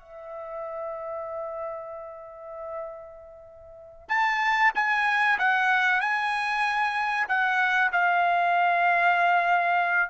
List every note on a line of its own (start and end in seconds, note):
0.00 4.09 E5
4.09 4.72 A5
4.75 5.39 G#5
5.39 6.01 F#5
6.01 7.27 G#5
7.29 7.92 F#5
7.93 10.10 F5